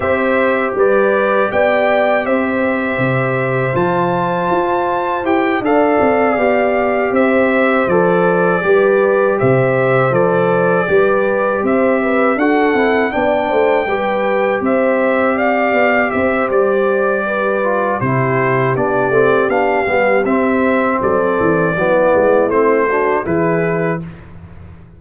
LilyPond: <<
  \new Staff \with { instrumentName = "trumpet" } { \time 4/4 \tempo 4 = 80 e''4 d''4 g''4 e''4~ | e''4 a''2 g''8 f''8~ | f''4. e''4 d''4.~ | d''8 e''4 d''2 e''8~ |
e''8 fis''4 g''2 e''8~ | e''8 f''4 e''8 d''2 | c''4 d''4 f''4 e''4 | d''2 c''4 b'4 | }
  \new Staff \with { instrumentName = "horn" } { \time 4/4 c''4 b'4 d''4 c''4~ | c''2.~ c''8 d''8~ | d''4. c''2 b'8~ | b'8 c''2 b'4 c''8 |
b'8 a'4 d''8 c''8 b'4 c''8~ | c''8 d''4 c''4. b'4 | g'1 | a'4 e'4. fis'8 gis'4 | }
  \new Staff \with { instrumentName = "trombone" } { \time 4/4 g'1~ | g'4 f'2 g'8 a'8~ | a'8 g'2 a'4 g'8~ | g'4. a'4 g'4.~ |
g'8 fis'8 e'8 d'4 g'4.~ | g'2.~ g'8 f'8 | e'4 d'8 c'8 d'8 b8 c'4~ | c'4 b4 c'8 d'8 e'4 | }
  \new Staff \with { instrumentName = "tuba" } { \time 4/4 c'4 g4 b4 c'4 | c4 f4 f'4 e'8 d'8 | c'8 b4 c'4 f4 g8~ | g8 c4 f4 g4 c'8~ |
c'8 d'8 c'8 b8 a8 g4 c'8~ | c'4 b8 c'8 g2 | c4 b8 a8 b8 g8 c'4 | fis8 e8 fis8 gis8 a4 e4 | }
>>